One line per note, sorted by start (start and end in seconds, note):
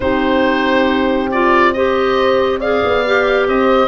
0.00 2.82 C4
0.00 1.31 D#4
0.00 1.75 G4
0.00 1.30 C5
1.31 1.75 F4
1.31 1.73 D5
1.73 2.61 G4
1.73 2.59 C5
1.73 2.60 D#5
2.59 3.04 G#4
2.59 3.46 D5
2.59 3.47 F5
2.83 3.47 B3
3.05 3.88 G4
3.47 3.88 C4
3.47 3.88 C5
3.47 3.88 D#5